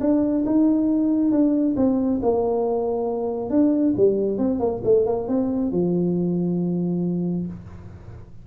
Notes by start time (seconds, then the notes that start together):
0.00 D4
0.45 D#4
1.31 D4
1.76 C4
2.22 A#3
3.50 D4
3.97 G3
4.38 C4
4.59 A#3
4.84 A3
5.06 A#3
5.28 C4
5.71 F3